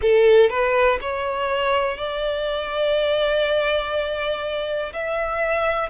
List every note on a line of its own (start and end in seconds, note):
0.01 0.49 A4
0.49 0.98 B4
1.01 1.97 C#5
1.97 4.92 D5
4.93 5.89 E5